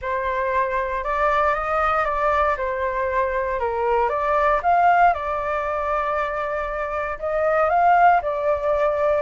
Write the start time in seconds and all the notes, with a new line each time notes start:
0.01 C5
1.04 D5
1.54 D#5
2.05 D5
2.57 C5
3.59 A#4
4.09 D5
4.62 F5
5.13 D5
7.19 D#5
7.69 F5
8.22 D5